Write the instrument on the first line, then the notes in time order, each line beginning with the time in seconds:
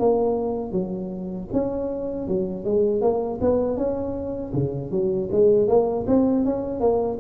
tuba
0.00 A#3
0.72 F#3
1.53 C#4
2.28 F#3
2.65 G#3
3.02 A#3
3.41 B3
3.77 C#4
4.54 C#3
4.91 F#3
5.32 G#3
5.68 A#3
6.07 C4
6.45 C#4
6.80 A#3